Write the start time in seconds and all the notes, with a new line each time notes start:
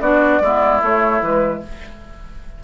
0.00 B3 D4 F#4 D5
0.41 G#3 B3 E4
0.81 A3 C#5
1.21 E3 G#3 B4